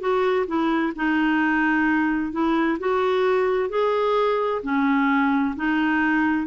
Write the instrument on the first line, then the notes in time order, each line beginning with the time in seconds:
clarinet
0.00 F#4
0.47 E4
0.96 D#4
2.32 E4
2.79 F#4
3.69 G#4
4.63 C#4
5.56 D#4